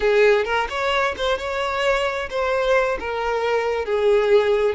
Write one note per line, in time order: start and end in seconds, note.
0.00 0.44 G#4
0.44 0.67 A#4
0.69 1.15 C#5
1.17 1.38 C5
1.38 2.29 C#5
2.30 2.98 C5
2.99 3.85 A#4
3.85 4.75 G#4